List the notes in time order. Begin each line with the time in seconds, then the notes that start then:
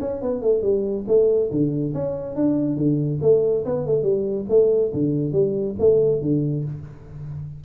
0.00 C#4
0.21 B3
0.41 A3
0.62 G3
1.08 A3
1.51 D3
1.94 C#4
2.35 D4
2.76 D3
3.22 A3
3.65 B3
3.86 A3
4.03 G3
4.49 A3
4.94 D3
5.32 G3
5.79 A3
6.22 D3